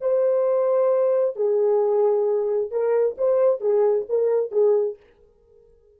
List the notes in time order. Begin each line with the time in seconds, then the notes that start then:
0.00 C5
1.36 G#4
2.70 A#4
3.17 C5
3.60 G#4
4.08 A#4
4.51 G#4